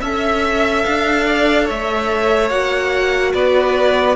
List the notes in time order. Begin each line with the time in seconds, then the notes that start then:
0.00 C#4 A4 E5
0.84 D4 F5
1.26 D5
1.65 A3 C#5 E5
2.49 A#3 F#4 F#5
3.34 B3 B4 D5